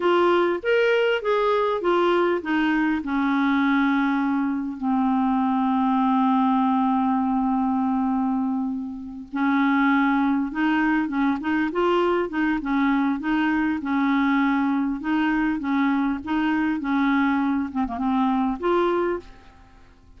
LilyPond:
\new Staff \with { instrumentName = "clarinet" } { \time 4/4 \tempo 4 = 100 f'4 ais'4 gis'4 f'4 | dis'4 cis'2. | c'1~ | c'2.~ c'8 cis'8~ |
cis'4. dis'4 cis'8 dis'8 f'8~ | f'8 dis'8 cis'4 dis'4 cis'4~ | cis'4 dis'4 cis'4 dis'4 | cis'4. c'16 ais16 c'4 f'4 | }